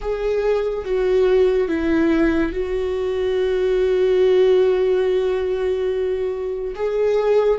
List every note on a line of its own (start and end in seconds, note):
0.01 0.85 G#4
0.85 1.67 F#4
1.67 2.52 E4
2.52 6.75 F#4
6.75 7.58 G#4